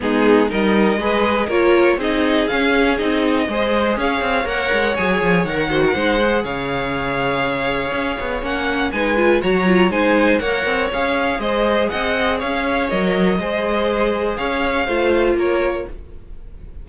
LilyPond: <<
  \new Staff \with { instrumentName = "violin" } { \time 4/4 \tempo 4 = 121 gis'4 dis''2 cis''4 | dis''4 f''4 dis''2 | f''4 fis''4 gis''4 fis''4~ | fis''4 f''2.~ |
f''4 fis''4 gis''4 ais''4 | gis''4 fis''4 f''4 dis''4 | fis''4 f''4 dis''2~ | dis''4 f''2 cis''4 | }
  \new Staff \with { instrumentName = "violin" } { \time 4/4 dis'4 ais'4 b'4 ais'4 | gis'2. c''4 | cis''2.~ cis''8 c''16 ais'16 | c''4 cis''2.~ |
cis''2 b'4 cis''4 | c''4 cis''2 c''4 | dis''4 cis''2 c''4~ | c''4 cis''4 c''4 ais'4 | }
  \new Staff \with { instrumentName = "viola" } { \time 4/4 b4 dis'4 gis'4 f'4 | dis'4 cis'4 dis'4 gis'4~ | gis'4 ais'4 gis'4 ais'8 fis'8 | dis'8 gis'2.~ gis'8~ |
gis'4 cis'4 dis'8 f'8 fis'8 f'8 | dis'4 ais'4 gis'2~ | gis'2 ais'4 gis'4~ | gis'2 f'2 | }
  \new Staff \with { instrumentName = "cello" } { \time 4/4 gis4 g4 gis4 ais4 | c'4 cis'4 c'4 gis4 | cis'8 c'8 ais8 gis8 fis8 f8 dis4 | gis4 cis2. |
cis'8 b8 ais4 gis4 fis4 | gis4 ais8 c'8 cis'4 gis4 | c'4 cis'4 fis4 gis4~ | gis4 cis'4 a4 ais4 | }
>>